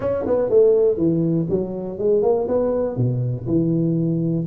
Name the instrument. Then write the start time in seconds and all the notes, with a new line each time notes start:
tuba
0.00 C#4
0.26 B3
0.49 A3
0.97 E3
1.49 F#3
1.98 G#3
2.22 A#3
2.48 B3
2.96 B2
3.46 E3